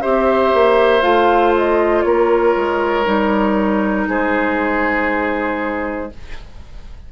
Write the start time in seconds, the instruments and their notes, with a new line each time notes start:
0.00 bassoon C4, clarinet G4, oboe C5, flute E5
0.53 bassoon A#3
1.01 bassoon A3, clarinet F4, flute F5
1.57 flute D#5
2.01 bassoon A#3, oboe A#4, flute C#5
2.55 bassoon G#3
3.04 bassoon G3, clarinet D#4
4.08 bassoon G#3, oboe G#4, flute C5